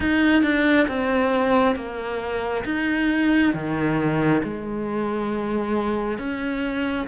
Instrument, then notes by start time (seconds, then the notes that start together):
cello
0.00 D#4
0.43 D4
0.88 C4
1.75 A#3
2.65 D#4
3.53 D#3
4.43 G#3
6.18 C#4